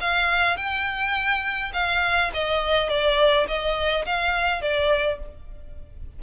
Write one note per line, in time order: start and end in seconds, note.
0.00 0.56 F5
0.56 1.72 G5
1.73 2.31 F5
2.33 2.89 D#5
2.89 3.47 D5
3.47 4.05 D#5
4.05 4.61 F5
4.61 5.19 D5